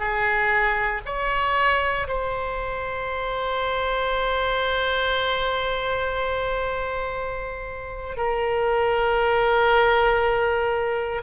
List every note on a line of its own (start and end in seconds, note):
0.00 1.02 G#4
1.06 2.08 C#5
2.08 8.17 C5
8.17 11.22 A#4